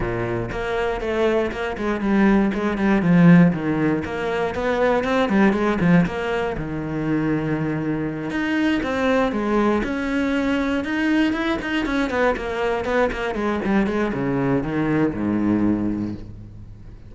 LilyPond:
\new Staff \with { instrumentName = "cello" } { \time 4/4 \tempo 4 = 119 ais,4 ais4 a4 ais8 gis8 | g4 gis8 g8 f4 dis4 | ais4 b4 c'8 g8 gis8 f8 | ais4 dis2.~ |
dis8 dis'4 c'4 gis4 cis'8~ | cis'4. dis'4 e'8 dis'8 cis'8 | b8 ais4 b8 ais8 gis8 g8 gis8 | cis4 dis4 gis,2 | }